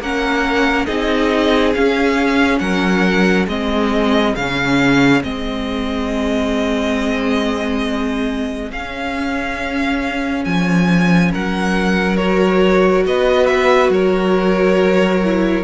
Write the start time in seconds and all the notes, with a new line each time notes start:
0.00 A#3 C#4 A#4 F#5
0.86 C4 D#4 G#4 D#5
1.74 C#4 F5
2.59 F#3 A#4 F#5
3.48 G#3 C4 G#4 D#5
4.36 C#3 C#4 F5
5.23 G#3 C4 D#5
8.72 C#4 F5
10.45 F3 G#5
11.32 F#3 A#4 F#5
12.17 F#4 C#5
13.07 B3 B4 D#5
13.47 E5
13.90 F#3 A#4 C#5
15.25 E4